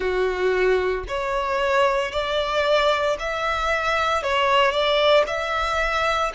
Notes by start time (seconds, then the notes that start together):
0.00 F#4
1.08 C#5
2.11 D5
3.19 E5
4.22 C#5
4.71 D5
5.26 E5